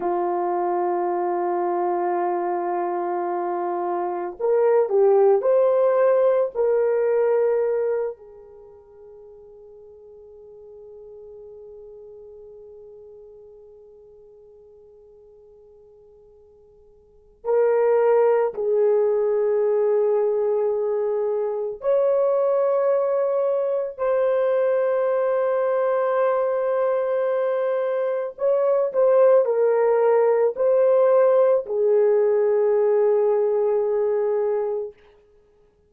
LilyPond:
\new Staff \with { instrumentName = "horn" } { \time 4/4 \tempo 4 = 55 f'1 | ais'8 g'8 c''4 ais'4. gis'8~ | gis'1~ | gis'1 |
ais'4 gis'2. | cis''2 c''2~ | c''2 cis''8 c''8 ais'4 | c''4 gis'2. | }